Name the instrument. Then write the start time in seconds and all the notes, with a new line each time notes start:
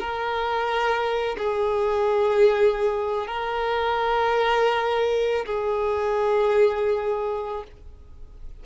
violin
0.00 A#4
1.38 G#4
3.27 A#4
5.46 G#4